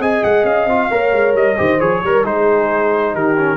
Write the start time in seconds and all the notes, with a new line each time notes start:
0.00 C4 G#4 D#5 G#5
0.24 G#3 F#5
0.44 C#4 F5
0.66 C4 F4
0.91 A#3 A#4 C#5
1.12 G#3
1.35 G3 D#5
1.57 D#3 G4 C5
1.80 F3 G#4 C#5
2.04 G3 A#4
2.25 G#3 D#4 G#4 C5
3.14 D#3 G4 A#4
3.37 C#4